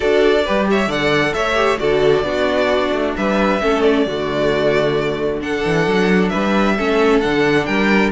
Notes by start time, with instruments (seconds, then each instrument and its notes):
0.00 cello D4, viola F#4, violin A4 D5
0.44 cello G3, viola G4, violin B4
0.70 violin C#5 E5
0.87 cello D3, viola A4, violin D5 F#5
1.33 cello A3, violin C#5 E5
1.55 viola G4
1.78 cello D3, viola F#4, violin A4 D5
2.22 cello B3, viola D4, violin F#4
2.92 cello A3
3.17 cello G3, violin B4 E5
3.61 cello A3, viola C#4, violin A4
3.82 violin D5
4.06 cello D3, viola A3, violin F#4
5.41 viola D4, violin A4 F#5
5.64 cello E3
5.86 cello F#3
6.28 cello G3, violin B4 E5
6.77 cello A3, viola C#4, violin A4
7.20 cello D3, viola D4, violin F#5
7.65 cello G3, violin A#4 G5